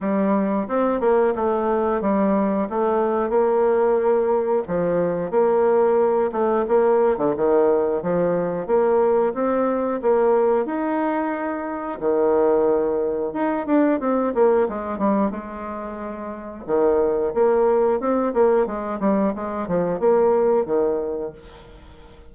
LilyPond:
\new Staff \with { instrumentName = "bassoon" } { \time 4/4 \tempo 4 = 90 g4 c'8 ais8 a4 g4 | a4 ais2 f4 | ais4. a8 ais8. d16 dis4 | f4 ais4 c'4 ais4 |
dis'2 dis2 | dis'8 d'8 c'8 ais8 gis8 g8 gis4~ | gis4 dis4 ais4 c'8 ais8 | gis8 g8 gis8 f8 ais4 dis4 | }